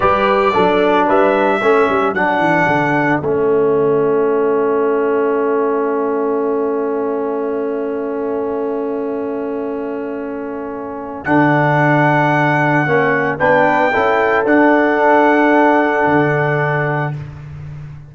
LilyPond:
<<
  \new Staff \with { instrumentName = "trumpet" } { \time 4/4 \tempo 4 = 112 d''2 e''2 | fis''2 e''2~ | e''1~ | e''1~ |
e''1~ | e''4 fis''2.~ | fis''4 g''2 fis''4~ | fis''1 | }
  \new Staff \with { instrumentName = "horn" } { \time 4/4 b'4 a'4 b'4 a'4~ | a'1~ | a'1~ | a'1~ |
a'1~ | a'1~ | a'4 b'4 a'2~ | a'1 | }
  \new Staff \with { instrumentName = "trombone" } { \time 4/4 g'4 d'2 cis'4 | d'2 cis'2~ | cis'1~ | cis'1~ |
cis'1~ | cis'4 d'2. | cis'4 d'4 e'4 d'4~ | d'1 | }
  \new Staff \with { instrumentName = "tuba" } { \time 4/4 g4 fis4 g4 a8 g8 | fis8 e8 d4 a2~ | a1~ | a1~ |
a1~ | a4 d2. | ais4 b4 cis'4 d'4~ | d'2 d2 | }
>>